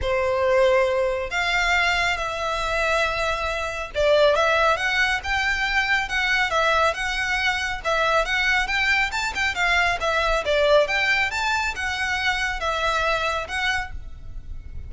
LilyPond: \new Staff \with { instrumentName = "violin" } { \time 4/4 \tempo 4 = 138 c''2. f''4~ | f''4 e''2.~ | e''4 d''4 e''4 fis''4 | g''2 fis''4 e''4 |
fis''2 e''4 fis''4 | g''4 a''8 g''8 f''4 e''4 | d''4 g''4 a''4 fis''4~ | fis''4 e''2 fis''4 | }